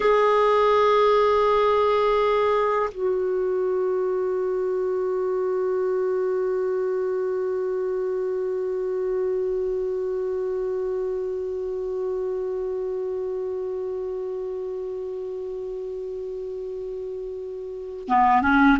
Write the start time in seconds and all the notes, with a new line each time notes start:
0.00 G#4
2.90 F#4
18.08 B3
18.41 C#4